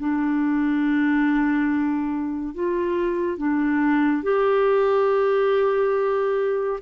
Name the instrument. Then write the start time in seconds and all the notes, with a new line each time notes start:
clarinet
0.00 D4
2.55 F4
3.38 D4
4.24 G4